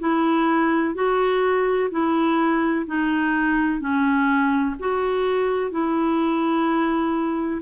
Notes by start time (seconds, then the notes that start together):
0.00 E4
0.95 F#4
1.91 E4
2.87 D#4
3.81 C#4
4.80 F#4
5.71 E4